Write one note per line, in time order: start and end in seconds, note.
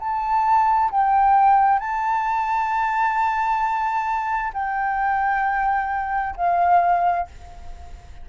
0.00 0.91 A5
0.91 1.80 G5
1.80 4.52 A5
4.54 6.36 G5
6.37 7.28 F5